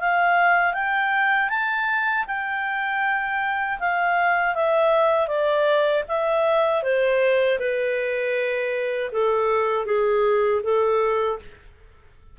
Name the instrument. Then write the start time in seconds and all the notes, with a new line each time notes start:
clarinet
0.00 F5
0.74 G5
1.49 A5
2.28 G5
3.79 F5
4.55 E5
5.28 D5
6.08 E5
6.83 C5
7.59 B4
9.12 A4
9.86 G#4
10.63 A4